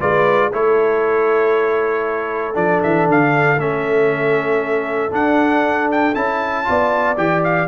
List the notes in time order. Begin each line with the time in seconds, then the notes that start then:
0.00 G#3 F4 B4 D5
0.53 A3 E4 A4 C#5
2.54 F3 D4 D5
2.83 E3 E5
3.08 D3 F5
3.58 A3 C#4 E5
5.11 D4 F#5
5.92 G5
6.15 C#4 E4 A5
6.65 B3 F4 D5
7.17 E3 G4 G5
7.44 F5